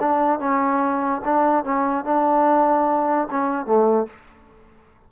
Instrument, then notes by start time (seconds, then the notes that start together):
trombone
0.00 D4
0.40 C#4
1.25 D4
1.64 C#4
2.05 D4
3.31 C#4
3.66 A3